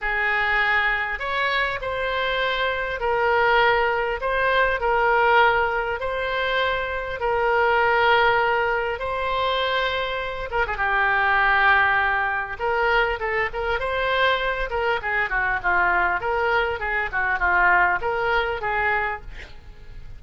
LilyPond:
\new Staff \with { instrumentName = "oboe" } { \time 4/4 \tempo 4 = 100 gis'2 cis''4 c''4~ | c''4 ais'2 c''4 | ais'2 c''2 | ais'2. c''4~ |
c''4. ais'16 gis'16 g'2~ | g'4 ais'4 a'8 ais'8 c''4~ | c''8 ais'8 gis'8 fis'8 f'4 ais'4 | gis'8 fis'8 f'4 ais'4 gis'4 | }